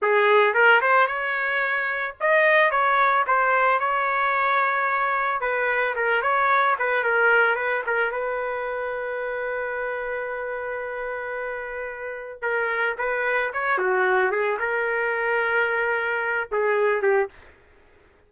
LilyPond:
\new Staff \with { instrumentName = "trumpet" } { \time 4/4 \tempo 4 = 111 gis'4 ais'8 c''8 cis''2 | dis''4 cis''4 c''4 cis''4~ | cis''2 b'4 ais'8 cis''8~ | cis''8 b'8 ais'4 b'8 ais'8 b'4~ |
b'1~ | b'2. ais'4 | b'4 cis''8 fis'4 gis'8 ais'4~ | ais'2~ ais'8 gis'4 g'8 | }